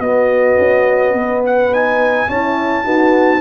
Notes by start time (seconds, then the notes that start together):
0.00 B3 F#4 D#5
0.58 C#4
1.14 B3 B4
1.46 F#5
1.73 D#4 G#5
2.28 C#4 E4 A5
2.84 B3 D#4 F#4